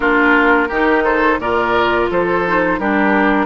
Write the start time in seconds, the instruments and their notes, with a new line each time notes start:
0.00 bassoon A#3, clarinet D4, oboe F4, flute A#4
0.68 bassoon D#3, clarinet D#4, oboe G4
1.04 oboe A4, flute C5
1.38 bassoon A#2, clarinet F4, oboe A#4, flute D5
2.10 bassoon F3, oboe A4, flute C5
2.46 clarinet D#4
2.79 bassoon G3, clarinet D4, oboe G4, flute A#4